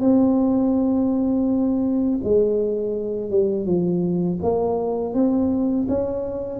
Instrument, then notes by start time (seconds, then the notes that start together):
tuba
0.00 C4
2.24 G#3
3.30 G3
3.66 F3
4.42 A#3
5.14 C4
5.88 C#4